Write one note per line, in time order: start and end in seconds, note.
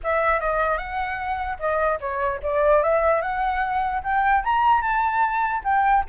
0.03 0.40 E5
0.40 0.77 D#5
0.77 1.58 F#5
1.59 1.99 D#5
2.00 2.40 C#5
2.43 2.83 D5
2.83 3.21 E5
3.21 4.02 F#5
4.03 4.43 G5
4.44 4.81 A#5
4.81 5.62 A5
5.64 6.04 G5